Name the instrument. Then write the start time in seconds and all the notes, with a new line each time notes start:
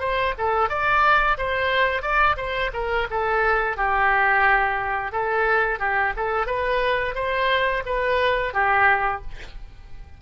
oboe
0.00 C5
0.38 A4
0.69 D5
1.38 C5
2.02 D5
2.37 C5
2.74 A#4
3.11 A4
3.77 G4
5.12 A4
5.80 G4
6.17 A4
6.47 B4
7.15 C5
7.86 B4
8.54 G4